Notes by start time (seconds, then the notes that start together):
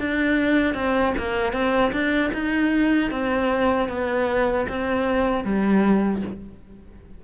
0.00 D4
0.74 C4
1.18 A#3
1.53 C4
1.92 D4
2.33 D#4
3.11 C4
3.89 B3
4.69 C4
5.44 G3